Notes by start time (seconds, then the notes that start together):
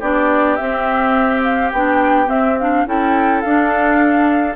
0.00 B3 D4 G4 D5
0.56 C4 E5
1.43 F5
1.73 B3 D4 G5
2.27 C4 E5
2.59 D4 F5
2.87 C#4 E4 A4 G5
3.41 D4 F5